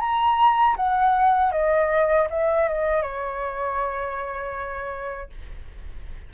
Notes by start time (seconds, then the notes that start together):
0.00 A#5
0.76 F#5
1.52 D#5
2.30 E5
2.68 D#5
3.02 C#5